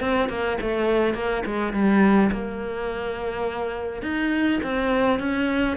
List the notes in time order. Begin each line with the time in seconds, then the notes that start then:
0.00 C4
0.29 A#3
0.61 A3
1.14 A#3
1.46 G#3
1.73 G3
2.32 A#3
4.02 D#4
4.63 C4
5.19 C#4